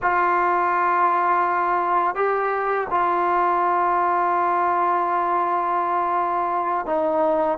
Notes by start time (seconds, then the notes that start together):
0.02 F4
2.15 G4
2.90 F4
6.86 D#4